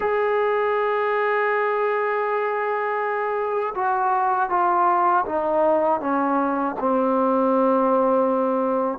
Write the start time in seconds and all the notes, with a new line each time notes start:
0.00 G#4
3.74 F#4
4.49 F4
5.25 D#4
6.00 C#4
6.79 C4